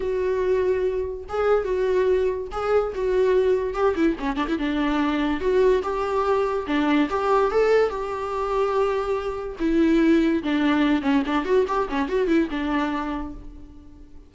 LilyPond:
\new Staff \with { instrumentName = "viola" } { \time 4/4 \tempo 4 = 144 fis'2. gis'4 | fis'2 gis'4 fis'4~ | fis'4 g'8 e'8 cis'8 d'16 e'16 d'4~ | d'4 fis'4 g'2 |
d'4 g'4 a'4 g'4~ | g'2. e'4~ | e'4 d'4. cis'8 d'8 fis'8 | g'8 cis'8 fis'8 e'8 d'2 | }